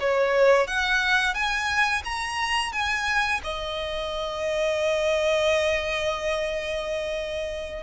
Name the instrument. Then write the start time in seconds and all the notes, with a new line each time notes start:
violin
0.00 C#5
0.68 F#5
1.35 G#5
2.05 A#5
2.73 G#5
3.44 D#5